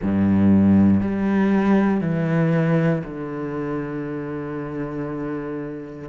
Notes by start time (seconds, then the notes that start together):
0.01 G2
1.00 G3
2.00 E3
3.04 D3